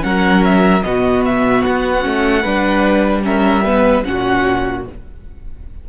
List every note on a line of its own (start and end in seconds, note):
0.00 0.82 F#3
0.00 0.80 C#4
0.00 0.84 A#4
0.00 0.43 F#5
0.44 0.82 E5
0.82 1.62 B2
0.82 2.02 B3
0.82 2.41 F#4
0.82 1.22 D#5
1.25 1.64 E5
1.64 2.05 B3
1.64 3.24 F#5
2.02 2.44 A3
2.02 2.42 C#4
2.41 4.04 G3
2.41 3.22 D4
2.41 3.21 B4
3.22 3.62 C#4
3.22 3.64 A#4
3.22 4.04 E5
3.64 4.04 B3
3.64 4.04 B4
4.04 4.86 A#2
4.04 4.83 C#4
4.04 4.89 F#4
4.04 4.84 F#5